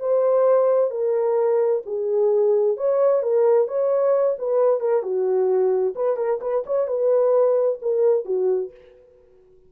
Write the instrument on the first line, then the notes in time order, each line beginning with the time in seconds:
horn
0.00 C5
0.91 A#4
1.86 G#4
2.77 C#5
3.23 A#4
3.68 C#5
4.38 B4
4.80 A#4
5.02 F#4
5.95 B4
6.17 A#4
6.41 B4
6.66 C#5
6.87 B4
7.82 A#4
8.25 F#4